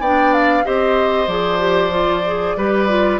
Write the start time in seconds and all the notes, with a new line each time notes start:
0.00 B3 D4 D5 G5
0.34 F5
0.64 C4 G4 C5 D#5
1.28 F3 G#4 D5
1.59 G4
1.91 F4
2.26 G#4
2.57 G3 G4 B4
2.88 F4